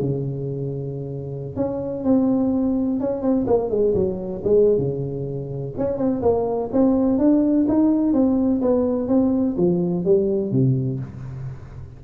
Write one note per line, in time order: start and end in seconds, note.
0.00 1.56 C#3
1.56 2.04 C#4
2.04 3.00 C4
3.00 3.22 C#4
3.22 3.46 C4
3.47 3.70 A#3
3.70 3.94 G#3
3.94 4.42 F#3
4.44 4.78 G#3
4.78 5.74 C#3
5.78 5.98 C#4
5.98 6.22 C4
6.22 6.70 A#3
6.73 7.19 C4
7.19 7.67 D4
7.69 8.14 D#4
8.14 8.62 C4
8.62 9.08 B3
9.08 9.56 C4
9.57 10.05 F3
10.05 10.52 G3
10.52 11.00 C3